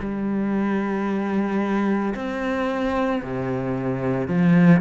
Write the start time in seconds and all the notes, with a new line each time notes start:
0.00 G3
2.15 C4
3.23 C3
4.28 F3